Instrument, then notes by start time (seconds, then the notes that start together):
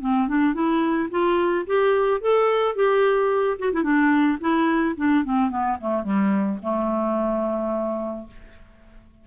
clarinet
0.00 C4
0.28 D4
0.54 E4
1.10 F4
1.66 G4
2.21 A4
2.75 G4
3.59 F#4
3.73 E4
3.83 D4
4.40 E4
4.97 D4
5.24 C4
5.50 B3
5.80 A3
6.03 G3
6.62 A3